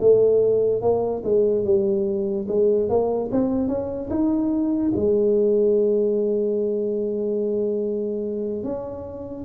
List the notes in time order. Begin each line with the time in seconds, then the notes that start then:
0.00 A3
0.81 A#3
1.24 G#3
1.65 G3
2.48 G#3
2.89 A#3
3.32 C4
3.68 C#4
4.10 D#4
4.96 G#3
8.64 C#4